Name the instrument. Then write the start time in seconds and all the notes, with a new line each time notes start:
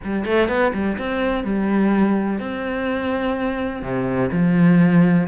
cello
0.03 G3
0.25 A3
0.48 B3
0.73 G3
0.98 C4
1.44 G3
2.39 C4
3.82 C3
4.32 F3